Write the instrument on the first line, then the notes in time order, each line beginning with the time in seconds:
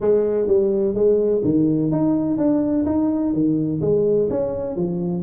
tuba
0.00 G#3
0.47 G3
0.94 G#3
1.44 D#3
1.91 D#4
2.37 D4
2.85 D#4
3.33 D#3
3.81 G#3
4.29 C#4
4.76 F3